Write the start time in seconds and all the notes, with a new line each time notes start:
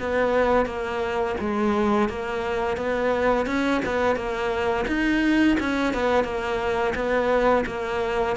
0.00 B3
0.66 A#3
1.40 G#3
2.10 A#3
2.77 B3
3.47 C#4
3.86 B3
4.16 A#3
4.88 D#4
5.61 C#4
5.94 B3
6.25 A#3
6.95 B3
7.67 A#3